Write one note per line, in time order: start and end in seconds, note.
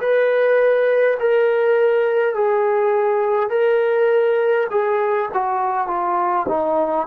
0.00 1.18 B4
1.19 2.34 A#4
2.34 3.50 G#4
3.50 4.67 A#4
4.71 5.29 G#4
5.33 5.87 F#4
5.87 6.46 F4
6.48 7.07 D#4